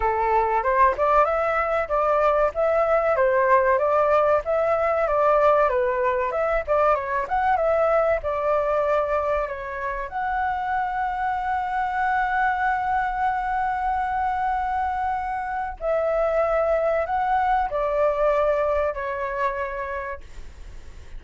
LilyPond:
\new Staff \with { instrumentName = "flute" } { \time 4/4 \tempo 4 = 95 a'4 c''8 d''8 e''4 d''4 | e''4 c''4 d''4 e''4 | d''4 b'4 e''8 d''8 cis''8 fis''8 | e''4 d''2 cis''4 |
fis''1~ | fis''1~ | fis''4 e''2 fis''4 | d''2 cis''2 | }